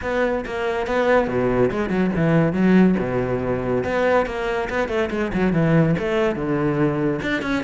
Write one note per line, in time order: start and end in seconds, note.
0.02 0.44 B3
0.45 0.86 A#3
0.86 1.27 B3
1.27 1.70 B2
1.70 1.89 G#3
1.89 2.10 F#3
2.16 2.52 E3
2.52 2.95 F#3
2.99 3.83 B2
3.83 4.26 B3
4.26 4.68 A#3
4.69 4.88 B3
4.88 5.09 A3
5.10 5.31 G#3
5.33 5.52 F#3
5.52 5.95 E3
5.98 6.35 A3
6.35 7.20 D3
7.21 7.42 D4
7.42 7.63 C#4